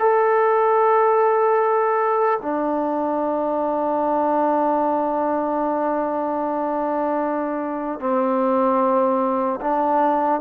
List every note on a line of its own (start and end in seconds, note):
0.00 2.40 A4
2.42 8.00 D4
8.00 9.60 C4
9.61 10.41 D4